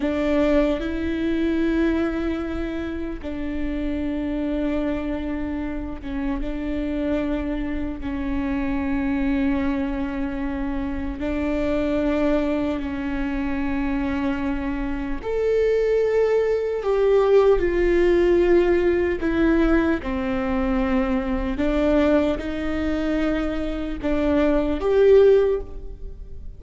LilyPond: \new Staff \with { instrumentName = "viola" } { \time 4/4 \tempo 4 = 75 d'4 e'2. | d'2.~ d'8 cis'8 | d'2 cis'2~ | cis'2 d'2 |
cis'2. a'4~ | a'4 g'4 f'2 | e'4 c'2 d'4 | dis'2 d'4 g'4 | }